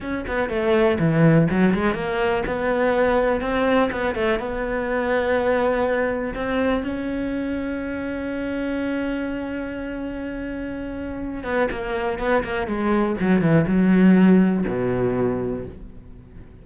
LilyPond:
\new Staff \with { instrumentName = "cello" } { \time 4/4 \tempo 4 = 123 cis'8 b8 a4 e4 fis8 gis8 | ais4 b2 c'4 | b8 a8 b2.~ | b4 c'4 cis'2~ |
cis'1~ | cis'2.~ cis'8 b8 | ais4 b8 ais8 gis4 fis8 e8 | fis2 b,2 | }